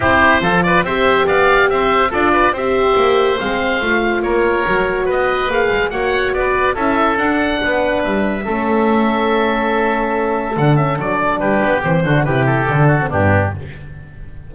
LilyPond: <<
  \new Staff \with { instrumentName = "oboe" } { \time 4/4 \tempo 4 = 142 c''4. d''8 e''4 f''4 | e''4 d''4 e''2 | f''2 cis''2 | dis''4 f''4 fis''4 d''4 |
e''4 fis''2 e''4~ | e''1~ | e''4 fis''8 e''8 d''4 b'4 | c''4 b'8 a'4. g'4 | }
  \new Staff \with { instrumentName = "oboe" } { \time 4/4 g'4 a'8 b'8 c''4 d''4 | c''4 a'8 b'8 c''2~ | c''2 ais'2 | b'2 cis''4 b'4 |
a'2 b'2 | a'1~ | a'2. g'4~ | g'8 fis'8 g'4. fis'8 d'4 | }
  \new Staff \with { instrumentName = "horn" } { \time 4/4 e'4 f'4 g'2~ | g'4 f'4 g'2 | c'4 f'2 fis'4~ | fis'4 gis'4 fis'2 |
e'4 d'2. | cis'1~ | cis'4 d'8 cis'8 d'2 | c'8 d'8 e'4 d'8. c'16 b4 | }
  \new Staff \with { instrumentName = "double bass" } { \time 4/4 c'4 f4 c'4 b4 | c'4 d'4 c'4 ais4 | gis4 a4 ais4 fis4 | b4 ais8 gis8 ais4 b4 |
cis'4 d'4 b4 g4 | a1~ | a4 d4 fis4 g8 b8 | e8 d8 c4 d4 g,4 | }
>>